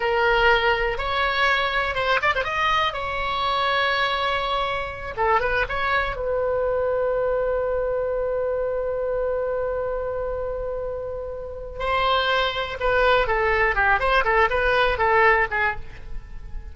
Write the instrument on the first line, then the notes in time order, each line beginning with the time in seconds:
oboe
0.00 A#4
0.98 C#5
1.94 C5
2.22 D5
2.35 C5
2.43 D#5
2.93 C#5
5.16 A4
5.40 B4
5.68 C#5
6.15 B4
11.79 C5
12.80 B4
13.27 A4
13.75 G4
13.99 C5
14.24 A4
14.50 B4
14.98 A4
15.50 G#4